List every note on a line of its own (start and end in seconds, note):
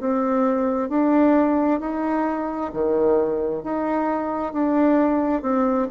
0.00 0.89 C4
0.89 1.80 D4
1.80 2.71 D#4
2.73 3.63 D#3
3.63 4.53 D#4
4.53 5.42 D4
5.42 5.88 C4